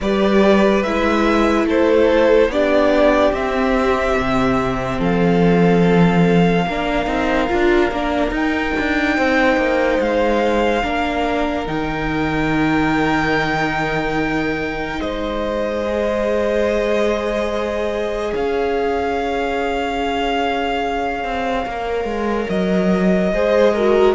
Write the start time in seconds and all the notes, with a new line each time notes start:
0.00 G3 G4 B4 D5
0.82 G#3 E4 E5
1.64 A3 A4 C5
2.48 B3 D4 G4 D5
3.31 C4 E5
4.18 C3
4.98 F3 A4 F5
6.66 A#3 D4 A#4
7.05 C4 D#4
7.48 D4 F4
7.91 A#3 D4
8.30 D#4 G5
8.78 D4
9.16 C4 C5
9.56 A#3
9.99 G#3 F5
10.82 A#3 D4 A#4
11.66 D#3 D#4 G5
14.99 G#3 C5 D#5
15.85 G#4
18.31 C#4 C#5 F5
21.24 C4
21.66 A#3 A#4
22.04 G#3
22.49 F#3 D#5
23.32 G#3 G#4 C5
23.73 F#4 A#4